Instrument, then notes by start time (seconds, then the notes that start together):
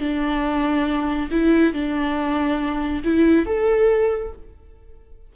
viola
0.00 D4
1.31 E4
1.73 D4
3.04 E4
3.46 A4